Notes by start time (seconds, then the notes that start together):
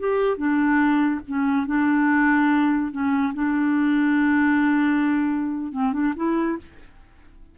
0.00 G4
0.38 D4
1.28 C#4
1.67 D4
2.92 C#4
3.35 D4
5.73 C4
5.93 D4
6.17 E4